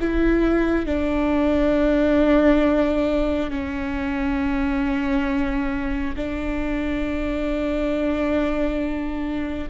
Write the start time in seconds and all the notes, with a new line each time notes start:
0.00 E4
0.86 D4
3.51 C#4
6.16 D4